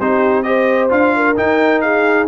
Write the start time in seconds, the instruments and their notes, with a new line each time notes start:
0.00 tuba C4, trombone D#4, horn G4, trumpet C5
0.43 trombone G4, horn C5, trumpet D#5
0.90 tuba D4, trombone F4, trumpet F5
1.16 horn A#4
1.36 trombone D#4, tuba D#4, trumpet G5
1.81 horn G#4, trumpet F5